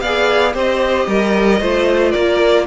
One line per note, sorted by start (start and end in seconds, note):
0.00 0.54 B3
0.00 0.54 G#4
0.00 0.53 D5
0.00 0.53 F5
0.53 1.07 C4
0.53 1.60 G4
0.53 1.06 C5
0.53 2.12 D#5
1.07 1.60 G3
1.07 1.60 A#4
1.60 2.13 A3
1.60 2.67 F4
1.60 2.12 C5
2.12 2.67 A#3
2.12 2.65 A#4
2.12 2.65 D5